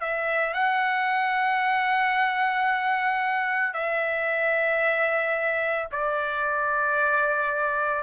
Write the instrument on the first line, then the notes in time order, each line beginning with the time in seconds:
trumpet
0.00 E5
0.54 F#5
3.74 E5
5.92 D5